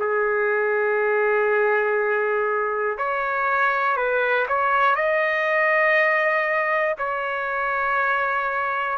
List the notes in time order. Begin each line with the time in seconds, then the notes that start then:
0.00 G#4
2.98 C#5
3.97 B4
4.48 C#5
4.95 D#5
6.98 C#5